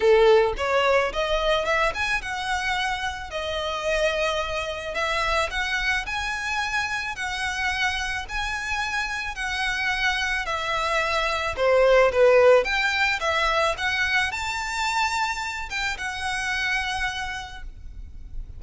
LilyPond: \new Staff \with { instrumentName = "violin" } { \time 4/4 \tempo 4 = 109 a'4 cis''4 dis''4 e''8 gis''8 | fis''2 dis''2~ | dis''4 e''4 fis''4 gis''4~ | gis''4 fis''2 gis''4~ |
gis''4 fis''2 e''4~ | e''4 c''4 b'4 g''4 | e''4 fis''4 a''2~ | a''8 g''8 fis''2. | }